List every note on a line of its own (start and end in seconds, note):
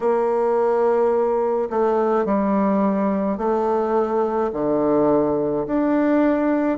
0.00 1.69 A#3
1.70 2.25 A3
2.25 3.37 G3
3.37 4.50 A3
4.53 5.66 D3
5.67 6.78 D4